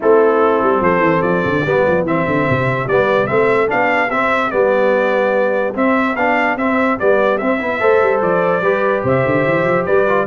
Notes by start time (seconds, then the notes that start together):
0.00 A3 C4 E4 A4
0.62 G3
0.80 F3 A4 C5
0.99 E3
1.22 F3 D5
1.44 D3
1.64 G3 B3 G4
1.87 F3
2.03 E3 C4 E5
2.26 D3
2.49 C3
2.87 G3 B3 D5
3.26 A3 C4 E5
3.67 B3 D4 F5
4.09 C4 E5
4.50 G3 B3 D5
5.74 C4 E5
6.15 B3 D4 F5
6.56 C4 E5
6.99 G3 B3 D5
7.38 C4 E5
7.59 B3 E4
7.79 A3 A4 C5
8.02 G3
8.21 F3 D5
8.61 G3 G4 B4
9.03 C3 C5 E5
9.25 D3
9.46 E3
9.64 F3
9.85 G3 B4 D5
10.07 F4